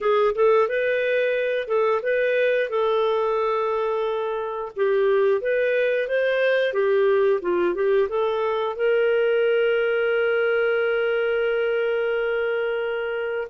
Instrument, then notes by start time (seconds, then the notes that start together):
clarinet
0.00 G#4
0.34 A4
0.68 B4
1.67 A4
2.02 B4
2.69 A4
4.76 G4
5.41 B4
6.07 C5
6.73 G4
7.41 F4
7.74 G4
8.08 A4
8.75 A#4